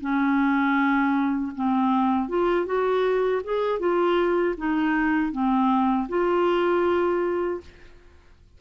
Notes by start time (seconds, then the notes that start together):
0.00 C#4
1.55 C4
2.28 F4
2.66 F#4
3.44 G#4
3.79 F4
4.57 D#4
5.32 C4
6.08 F4